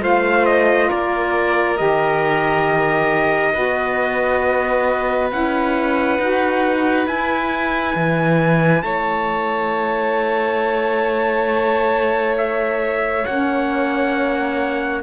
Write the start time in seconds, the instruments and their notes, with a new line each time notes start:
0.00 cello A3, saxophone F4, violin C5, trumpet F5
0.46 trumpet D#5
0.89 cello A#3, violin A#4, trumpet D5
1.77 cello D#3, saxophone G4, trumpet D#5
3.54 cello B3, saxophone F#4, violin B4
5.31 cello C#4, saxophone E4, trumpet F#5
6.19 cello D#4, saxophone F#4
7.07 cello E4, saxophone E4, trumpet G#5
7.96 cello E3
8.83 cello A3, violin C#5, trumpet A5
12.38 trumpet E5
13.25 cello A#3, saxophone C#4, trumpet F#5